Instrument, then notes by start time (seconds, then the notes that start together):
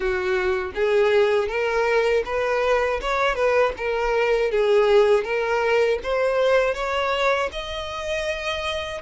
violin
0.00 F#4
0.75 G#4
1.48 A#4
2.25 B4
3.01 C#5
3.35 B4
3.77 A#4
4.51 G#4
5.24 A#4
6.03 C5
6.74 C#5
7.52 D#5